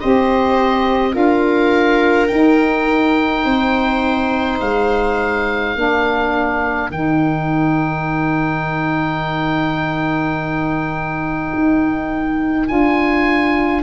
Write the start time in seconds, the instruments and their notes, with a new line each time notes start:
0.00 tuba C4, saxophone G4, viola C5, oboe D#5
1.11 tuba D4, saxophone F4, viola A#4, oboe F5
2.28 saxophone D#4, tuba D#4, oboe G5
3.44 tuba C4, viola C5
4.61 tuba G#3, oboe F5
5.75 tuba A#3, saxophone D4, viola A#4
6.90 tuba D#3, saxophone D#4, oboe G5
11.54 tuba D#4
12.66 tuba D4, saxophone F4, oboe G#5